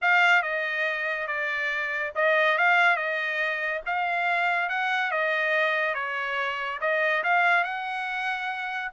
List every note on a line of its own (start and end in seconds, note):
0.01 0.42 F5
0.42 1.27 D#5
1.27 2.12 D5
2.15 2.57 D#5
2.57 2.96 F5
2.96 3.81 D#5
3.85 4.69 F5
4.69 5.11 F#5
5.11 5.94 D#5
5.94 6.79 C#5
6.80 7.23 D#5
7.23 7.63 F5
7.63 8.91 F#5